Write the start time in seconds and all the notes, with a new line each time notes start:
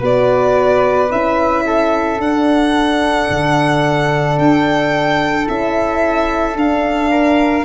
0.00 B3 F#4 B4 D5
1.11 C#4 E4 E5
1.66 A4
2.19 D4 F#5
3.30 D3
4.39 D4 G5
5.46 C#4 E4 E5
6.56 D4 F5
7.11 A#4